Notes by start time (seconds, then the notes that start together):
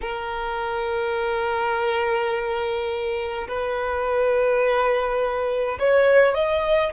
0.01 A#4
3.48 B4
5.78 C#5
6.34 D#5